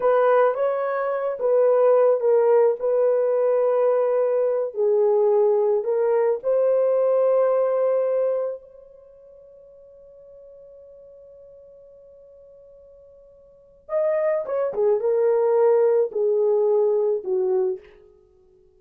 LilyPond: \new Staff \with { instrumentName = "horn" } { \time 4/4 \tempo 4 = 108 b'4 cis''4. b'4. | ais'4 b'2.~ | b'8 gis'2 ais'4 c''8~ | c''2.~ c''8 cis''8~ |
cis''1~ | cis''1~ | cis''4 dis''4 cis''8 gis'8 ais'4~ | ais'4 gis'2 fis'4 | }